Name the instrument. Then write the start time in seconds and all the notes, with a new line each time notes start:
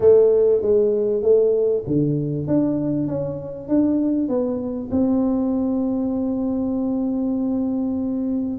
tuba
0.00 A3
0.61 G#3
1.22 A3
1.86 D3
2.47 D4
3.07 C#4
3.68 D4
4.28 B3
4.91 C4